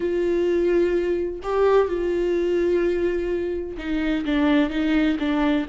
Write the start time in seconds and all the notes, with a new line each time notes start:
0.00 F4
1.42 G4
1.88 F4
3.77 D#4
4.25 D4
4.70 D#4
5.19 D4